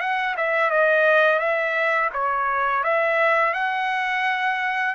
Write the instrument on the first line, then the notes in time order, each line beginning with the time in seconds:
trumpet
0.00 F#5
0.37 E5
0.71 D#5
1.39 E5
2.13 C#5
2.84 E5
3.54 F#5